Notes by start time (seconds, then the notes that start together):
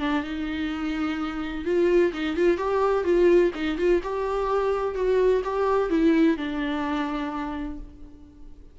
0.00 D4
0.24 D#4
1.65 F4
2.13 D#4
2.36 F4
2.58 G4
3.05 F4
3.55 D#4
3.78 F4
4.04 G4
4.95 F#4
5.44 G4
5.90 E4
6.37 D4